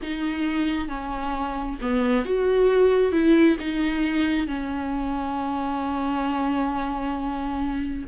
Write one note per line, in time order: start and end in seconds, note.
0.02 0.88 D#4
0.88 1.77 C#4
1.81 2.25 B3
2.25 3.12 F#4
3.12 3.57 E4
3.59 4.47 D#4
4.47 8.05 C#4